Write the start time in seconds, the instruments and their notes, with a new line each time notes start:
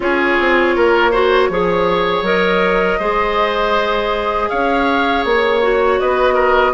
0.00 bassoon C#4, clarinet F4, oboe G#4, flute C#5
0.39 bassoon C4
0.75 bassoon A#3, oboe A#4
1.11 clarinet F#4, oboe C5
1.49 bassoon F3, clarinet G#4, oboe C#5
2.21 bassoon F#3, clarinet A#4, flute D#5
2.98 bassoon G#3, clarinet G#4, oboe C5
4.49 bassoon C#4, oboe C#5, flute F5
5.25 bassoon A#3, flute C#5
5.61 clarinet F#4
5.99 bassoon B3, oboe B4, flute D#5
6.34 oboe A#4